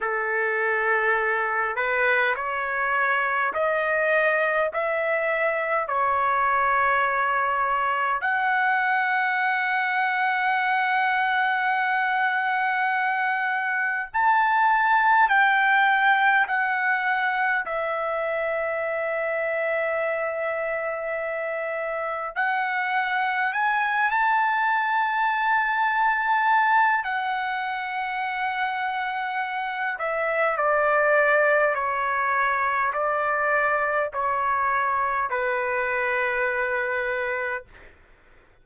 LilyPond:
\new Staff \with { instrumentName = "trumpet" } { \time 4/4 \tempo 4 = 51 a'4. b'8 cis''4 dis''4 | e''4 cis''2 fis''4~ | fis''1 | a''4 g''4 fis''4 e''4~ |
e''2. fis''4 | gis''8 a''2~ a''8 fis''4~ | fis''4. e''8 d''4 cis''4 | d''4 cis''4 b'2 | }